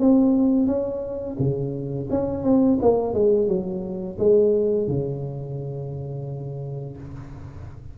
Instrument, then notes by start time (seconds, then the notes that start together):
tuba
0.00 C4
0.67 C#4
1.39 C#3
2.11 C#4
2.44 C4
2.82 A#3
3.14 G#3
3.48 F#3
4.19 G#3
4.88 C#3